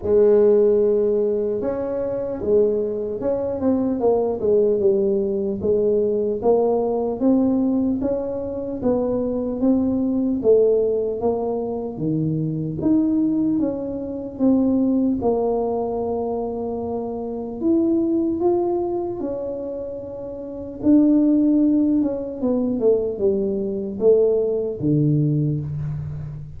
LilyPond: \new Staff \with { instrumentName = "tuba" } { \time 4/4 \tempo 4 = 75 gis2 cis'4 gis4 | cis'8 c'8 ais8 gis8 g4 gis4 | ais4 c'4 cis'4 b4 | c'4 a4 ais4 dis4 |
dis'4 cis'4 c'4 ais4~ | ais2 e'4 f'4 | cis'2 d'4. cis'8 | b8 a8 g4 a4 d4 | }